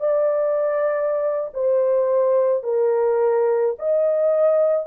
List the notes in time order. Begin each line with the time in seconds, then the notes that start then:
0.00 D5
1.54 C5
2.64 A#4
3.79 D#5